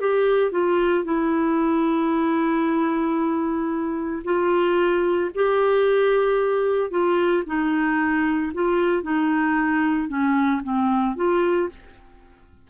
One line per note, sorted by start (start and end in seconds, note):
0.00 0.51 G4
0.51 1.04 F4
1.04 4.22 E4
4.24 5.30 F4
5.34 6.90 G4
6.90 7.43 F4
7.46 8.52 D#4
8.54 9.02 F4
9.02 10.08 D#4
10.08 10.61 C#4
10.63 11.16 C4
11.16 11.69 F4